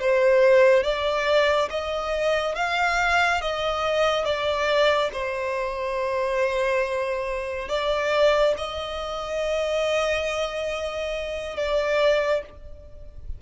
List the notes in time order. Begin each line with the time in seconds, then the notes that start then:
0.00 C5
0.83 D5
1.70 D#5
2.56 F5
3.41 D#5
4.25 D5
5.13 C5
7.69 D5
8.57 D#5
11.56 D5